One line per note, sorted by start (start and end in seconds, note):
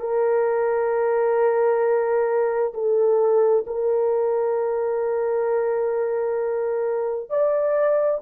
0.00 2.73 A#4
2.74 3.64 A4
3.66 7.30 A#4
7.30 8.21 D5